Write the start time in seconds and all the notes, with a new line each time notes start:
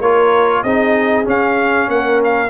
0.00 A#3 F4 A#4 C#5
0.63 C4 D#4 G#4 D#5
1.24 C#4 F5
1.88 A#3 A#4 F#5
2.24 F5